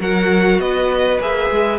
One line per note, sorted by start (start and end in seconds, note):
0.00 0.59 F#3
0.00 1.20 F#4
0.00 0.60 A#4
0.00 0.60 F#5
0.59 1.19 B3
0.59 1.79 B4
0.59 1.20 D#5
1.21 1.51 A#3
1.21 1.79 G#4
1.21 1.79 E5
1.51 1.79 G#3